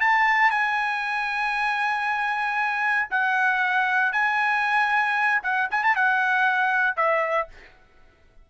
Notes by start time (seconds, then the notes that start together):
0.00 A5
0.50 G#5
3.10 F#5
4.12 G#5
5.43 F#5
5.71 G#5
5.83 A5
5.95 F#5
6.96 E5